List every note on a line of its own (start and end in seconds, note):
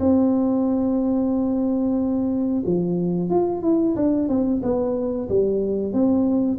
0.00 2.64 C4
2.66 3.30 F3
3.30 3.62 F4
3.62 3.95 E4
3.96 4.29 D4
4.29 4.62 C4
4.62 5.28 B3
5.29 5.93 G3
5.93 6.59 C4